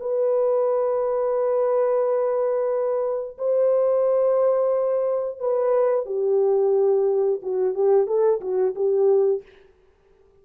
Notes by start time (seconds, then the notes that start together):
0.00 B4
3.38 C5
5.40 B4
6.06 G4
7.42 F#4
7.74 G4
8.07 A4
8.41 F#4
8.75 G4